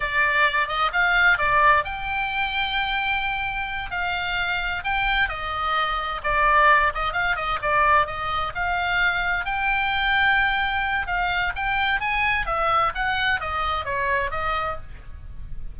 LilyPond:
\new Staff \with { instrumentName = "oboe" } { \time 4/4 \tempo 4 = 130 d''4. dis''8 f''4 d''4 | g''1~ | g''8 f''2 g''4 dis''8~ | dis''4. d''4. dis''8 f''8 |
dis''8 d''4 dis''4 f''4.~ | f''8 g''2.~ g''8 | f''4 g''4 gis''4 e''4 | fis''4 dis''4 cis''4 dis''4 | }